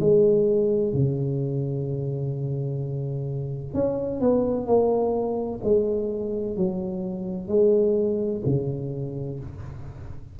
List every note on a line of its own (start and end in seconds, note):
0.00 0.93 G#3
0.93 3.74 C#3
3.74 4.20 C#4
4.20 4.66 B3
4.66 5.60 A#3
5.64 6.56 G#3
6.56 7.48 F#3
7.48 8.42 G#3
8.45 9.39 C#3